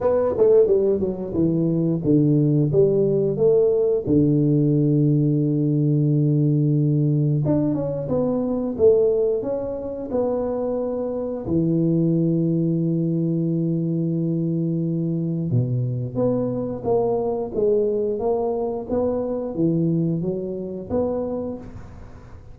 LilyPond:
\new Staff \with { instrumentName = "tuba" } { \time 4/4 \tempo 4 = 89 b8 a8 g8 fis8 e4 d4 | g4 a4 d2~ | d2. d'8 cis'8 | b4 a4 cis'4 b4~ |
b4 e2.~ | e2. b,4 | b4 ais4 gis4 ais4 | b4 e4 fis4 b4 | }